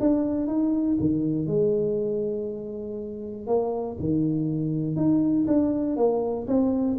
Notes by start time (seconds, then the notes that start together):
0.00 D4
0.47 D#4
1.00 D#3
1.47 G#3
3.47 A#3
4.00 D#3
4.96 D#4
5.47 D4
5.96 A#3
6.47 C4